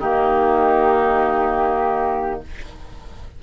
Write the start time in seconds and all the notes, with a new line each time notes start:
0.00 D#3 A#3 D#4 G4